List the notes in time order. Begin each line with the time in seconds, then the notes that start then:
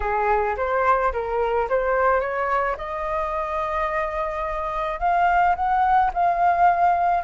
0.00 G#4
0.56 C5
1.12 A#4
1.69 C5
2.20 C#5
2.77 D#5
4.99 F5
5.55 F#5
6.13 F5